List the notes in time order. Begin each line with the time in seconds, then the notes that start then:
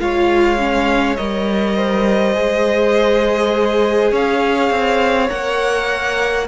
0.00 G#3 F4 C#5 F5
0.58 C#4
1.16 G3 A#4 D#5
1.76 C5
2.34 G#3 G#4
4.12 C#4 C#5 F5
4.71 C4
5.29 A#3 A#4 F#5